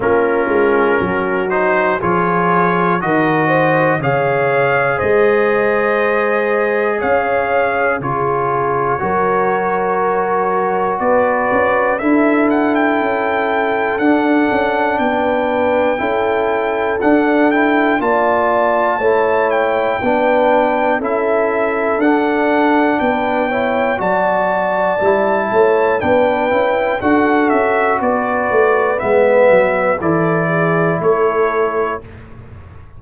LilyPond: <<
  \new Staff \with { instrumentName = "trumpet" } { \time 4/4 \tempo 4 = 60 ais'4. c''8 cis''4 dis''4 | f''4 dis''2 f''4 | cis''2. d''4 | e''8 fis''16 g''4~ g''16 fis''4 g''4~ |
g''4 fis''8 g''8 a''4. g''8~ | g''4 e''4 fis''4 g''4 | a''2 g''4 fis''8 e''8 | d''4 e''4 d''4 cis''4 | }
  \new Staff \with { instrumentName = "horn" } { \time 4/4 f'4 fis'4 gis'4 ais'8 c''8 | cis''4 c''2 cis''4 | gis'4 ais'2 b'4 | a'2. b'4 |
a'2 d''4 cis''4 | b'4 a'2 b'8 cis''8 | d''4. cis''8 b'4 a'4 | b'2 a'8 gis'8 a'4 | }
  \new Staff \with { instrumentName = "trombone" } { \time 4/4 cis'4. dis'8 f'4 fis'4 | gis'1 | f'4 fis'2. | e'2 d'2 |
e'4 d'8 e'8 f'4 e'4 | d'4 e'4 d'4. e'8 | fis'4 e'4 d'8 e'8 fis'4~ | fis'4 b4 e'2 | }
  \new Staff \with { instrumentName = "tuba" } { \time 4/4 ais8 gis8 fis4 f4 dis4 | cis4 gis2 cis'4 | cis4 fis2 b8 cis'8 | d'4 cis'4 d'8 cis'8 b4 |
cis'4 d'4 ais4 a4 | b4 cis'4 d'4 b4 | fis4 g8 a8 b8 cis'8 d'8 cis'8 | b8 a8 gis8 fis8 e4 a4 | }
>>